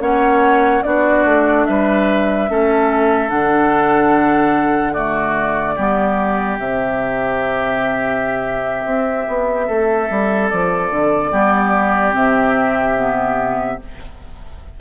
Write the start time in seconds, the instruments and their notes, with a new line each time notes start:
0.00 bassoon A#3, clarinet C#4, oboe C#5, flute F#5
0.83 bassoon B3, clarinet D4, oboe F#4, flute D5
1.25 bassoon A3
1.65 bassoon G3, oboe B4, flute E5
2.48 bassoon A3, clarinet C#4, oboe A4
3.29 bassoon D3, clarinet D4, flute F#5
4.93 clarinet A3, oboe F#4, flute D5
5.76 bassoon G3, clarinet B3, oboe G4
6.59 bassoon C3, clarinet C4, flute E5
8.85 bassoon C4
9.28 bassoon B3
9.67 bassoon A3, oboe A4
10.10 bassoon G3
10.49 bassoon F3, flute D5
10.91 bassoon D3
11.31 bassoon G3, clarinet B3, oboe G4
12.12 bassoon C3, clarinet C4, flute E5
12.97 clarinet B3